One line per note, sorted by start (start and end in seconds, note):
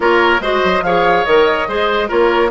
0.00 0.40 A#3
0.00 0.41 F4
0.00 0.41 A#4
0.00 0.42 C#5
0.40 0.61 G#3
0.40 0.84 F#4
0.40 0.83 C5
0.40 0.83 D#5
0.64 0.82 F#3
0.82 1.24 F3
0.82 1.26 G#4
0.82 1.68 C#5
0.82 1.24 F5
1.24 1.67 D#3
1.24 1.68 A#4
1.24 2.08 D#5
1.67 2.09 G#3
1.67 2.08 G#4
1.67 2.08 C5
2.08 2.51 A#3
2.08 2.50 F4
2.08 2.50 A#4
2.08 2.51 C#5